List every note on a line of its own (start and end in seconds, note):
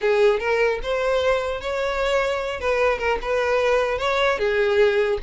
0.01 0.39 G#4
0.39 0.79 A#4
0.83 1.61 C5
1.61 2.60 C#5
2.60 2.98 B4
2.98 3.18 A#4
3.21 3.98 B4
3.98 4.38 C#5
4.38 5.18 G#4